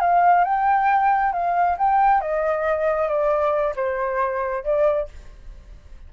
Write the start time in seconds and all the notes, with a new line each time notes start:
0.00 F5
0.44 G5
1.33 F5
1.77 G5
2.21 D#5
3.08 D5
3.76 C5
4.64 D5